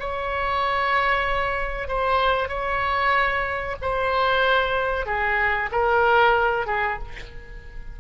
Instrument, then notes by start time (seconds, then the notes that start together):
oboe
0.00 C#5
1.88 C5
2.49 C#5
3.82 C5
5.06 G#4
5.72 A#4
6.67 G#4